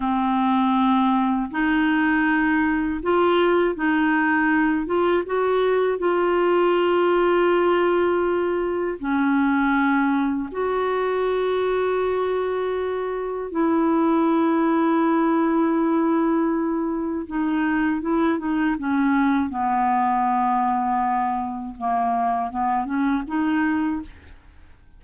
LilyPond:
\new Staff \with { instrumentName = "clarinet" } { \time 4/4 \tempo 4 = 80 c'2 dis'2 | f'4 dis'4. f'8 fis'4 | f'1 | cis'2 fis'2~ |
fis'2 e'2~ | e'2. dis'4 | e'8 dis'8 cis'4 b2~ | b4 ais4 b8 cis'8 dis'4 | }